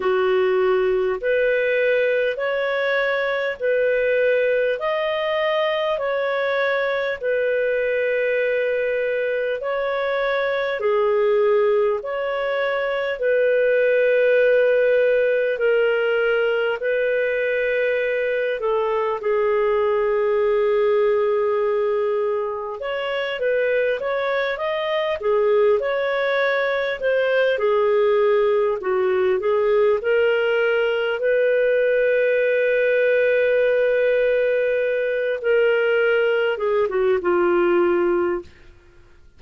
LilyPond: \new Staff \with { instrumentName = "clarinet" } { \time 4/4 \tempo 4 = 50 fis'4 b'4 cis''4 b'4 | dis''4 cis''4 b'2 | cis''4 gis'4 cis''4 b'4~ | b'4 ais'4 b'4. a'8 |
gis'2. cis''8 b'8 | cis''8 dis''8 gis'8 cis''4 c''8 gis'4 | fis'8 gis'8 ais'4 b'2~ | b'4. ais'4 gis'16 fis'16 f'4 | }